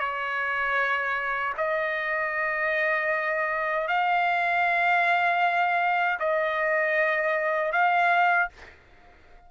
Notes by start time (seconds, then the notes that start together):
0.00 C#5
1.58 D#5
3.88 F5
6.20 D#5
7.72 F5